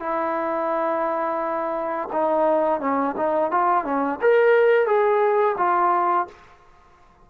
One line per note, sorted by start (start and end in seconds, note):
0.00 2.09 E4
2.13 2.81 D#4
2.81 3.16 C#4
3.17 3.52 D#4
3.52 3.85 F4
3.85 4.20 C#4
4.22 4.87 A#4
4.87 5.57 G#4
5.58 6.28 F4